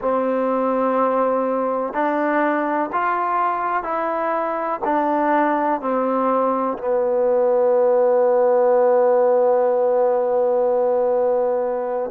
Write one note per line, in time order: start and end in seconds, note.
0.01 1.93 C4
1.93 2.90 D4
2.92 3.83 F4
3.83 4.79 E4
4.84 5.81 D4
5.81 6.77 C4
6.77 12.10 B3